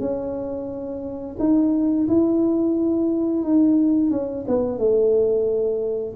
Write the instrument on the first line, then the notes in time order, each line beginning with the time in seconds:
tuba
0.00 C#4
1.39 D#4
2.08 E4
3.43 D#4
4.11 C#4
4.48 B3
4.79 A3